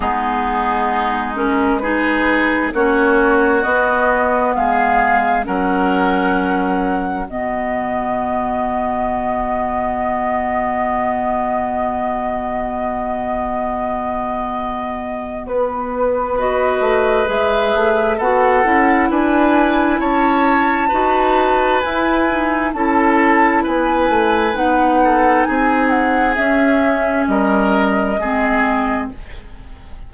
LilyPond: <<
  \new Staff \with { instrumentName = "flute" } { \time 4/4 \tempo 4 = 66 gis'4. ais'8 b'4 cis''4 | dis''4 f''4 fis''2 | dis''1~ | dis''1~ |
dis''4 b'4 dis''4 e''4 | fis''4 gis''4 a''2 | gis''4 a''4 gis''4 fis''4 | gis''8 fis''8 e''4 dis''2 | }
  \new Staff \with { instrumentName = "oboe" } { \time 4/4 dis'2 gis'4 fis'4~ | fis'4 gis'4 ais'2 | fis'1~ | fis'1~ |
fis'2 b'2 | a'4 b'4 cis''4 b'4~ | b'4 a'4 b'4. a'8 | gis'2 ais'4 gis'4 | }
  \new Staff \with { instrumentName = "clarinet" } { \time 4/4 b4. cis'8 dis'4 cis'4 | b2 cis'2 | b1~ | b1~ |
b2 fis'4 gis'4 | fis'8 e'2~ e'8 fis'4 | e'8 dis'8 e'2 dis'4~ | dis'4 cis'2 c'4 | }
  \new Staff \with { instrumentName = "bassoon" } { \time 4/4 gis2. ais4 | b4 gis4 fis2 | b,1~ | b,1~ |
b,4 b4. a8 gis8 a8 | b8 cis'8 d'4 cis'4 dis'4 | e'4 cis'4 b8 a8 b4 | c'4 cis'4 g4 gis4 | }
>>